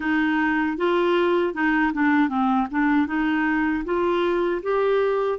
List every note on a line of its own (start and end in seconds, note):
0.00 0.77 D#4
0.77 1.54 F4
1.54 1.92 D#4
1.93 2.28 D4
2.28 2.67 C4
2.70 3.07 D4
3.07 3.84 D#4
3.84 4.61 F4
4.62 5.38 G4